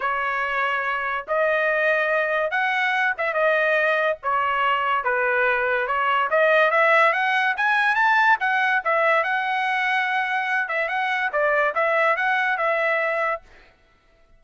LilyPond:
\new Staff \with { instrumentName = "trumpet" } { \time 4/4 \tempo 4 = 143 cis''2. dis''4~ | dis''2 fis''4. e''8 | dis''2 cis''2 | b'2 cis''4 dis''4 |
e''4 fis''4 gis''4 a''4 | fis''4 e''4 fis''2~ | fis''4. e''8 fis''4 d''4 | e''4 fis''4 e''2 | }